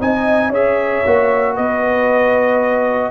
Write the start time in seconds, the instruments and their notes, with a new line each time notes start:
0.00 tuba C4, trombone D#4, horn D#5, trumpet G#5
0.50 tuba C#4, trombone G#4, horn C#5, trumpet E5
1.06 tuba A#3, trombone F#4
1.55 tuba B3, horn B4, trumpet D#5